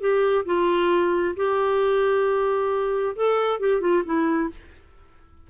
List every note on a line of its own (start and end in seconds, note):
0.00 0.45 G4
0.45 1.35 F4
1.36 3.15 G4
3.16 3.60 A4
3.60 3.81 G4
3.81 4.03 F4
4.05 4.50 E4